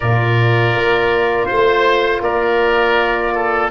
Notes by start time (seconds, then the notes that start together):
0.00 A#2 F4 A#4 D5
0.74 A#3
1.45 C5
1.52 A3
2.20 A#3 A#4 D5
3.35 A4